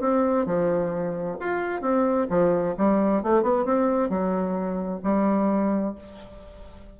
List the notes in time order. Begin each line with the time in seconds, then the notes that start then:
0.00 C4
0.46 F3
1.40 F4
1.81 C4
2.29 F3
2.77 G3
3.23 A3
3.42 B3
3.65 C4
4.09 F#3
5.03 G3